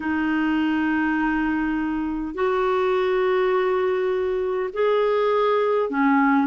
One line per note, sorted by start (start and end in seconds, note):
0.00 2.34 D#4
2.34 4.69 F#4
4.73 5.90 G#4
5.90 6.46 C#4